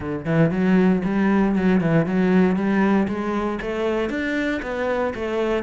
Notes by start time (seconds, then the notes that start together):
0.00 D3
0.25 E3
0.51 F#3
1.04 G3
1.55 F#3
1.81 E3
2.05 F#3
2.56 G3
3.08 G#3
3.61 A3
4.09 D4
4.62 B3
5.14 A3